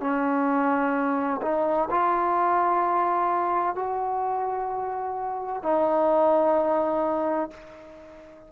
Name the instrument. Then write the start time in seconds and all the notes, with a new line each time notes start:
trombone
0.00 C#4
1.41 D#4
1.90 F4
3.75 F#4
5.62 D#4